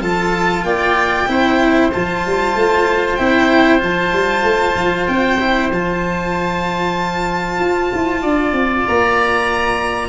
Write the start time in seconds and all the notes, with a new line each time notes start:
0.00 F3 F4 A4 A5
0.63 A#3 D5 G5
1.27 C4 E4 C5
1.92 F3 F4 A5
2.26 G3
2.55 A3
3.15 C4 E4 G5
3.79 F3 F4 A5
4.12 G3
4.43 A3
4.75 F3
5.07 C4 G5
5.40 E4
5.71 F3 F4 A5
7.59 F4
7.93 E4
8.22 D4 D5
8.53 C4
8.87 A#3 A#5